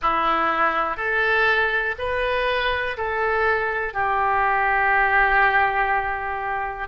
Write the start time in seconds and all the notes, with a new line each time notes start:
0.01 E4
0.97 A4
1.98 B4
2.97 A4
3.93 G4